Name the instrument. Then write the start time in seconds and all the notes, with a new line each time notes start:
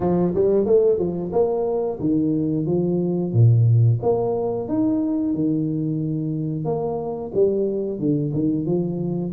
tuba
0.00 F3
0.35 G3
0.65 A3
0.98 F3
1.32 A#3
2.00 D#3
2.66 F3
3.32 A#2
4.02 A#3
4.68 D#4
5.34 D#3
6.65 A#3
7.33 G3
7.99 D3
8.33 D#3
8.65 F3